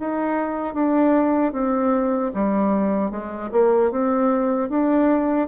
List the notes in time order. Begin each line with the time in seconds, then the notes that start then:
0.00 D#4
0.74 D4
1.53 C4
2.35 G3
3.11 G#3
3.52 A#3
3.92 C4
4.69 D4